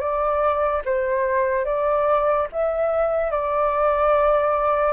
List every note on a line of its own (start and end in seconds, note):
0.00 0.82 D5
0.85 1.65 C5
1.65 2.47 D5
2.52 3.31 E5
3.31 4.93 D5